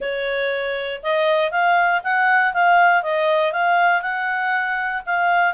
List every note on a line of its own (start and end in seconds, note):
0.00 1.01 C#5
1.02 1.51 D#5
1.51 2.01 F5
2.03 2.53 F#5
2.53 3.03 F5
3.03 3.52 D#5
3.52 4.01 F5
4.01 5.02 F#5
5.06 5.53 F5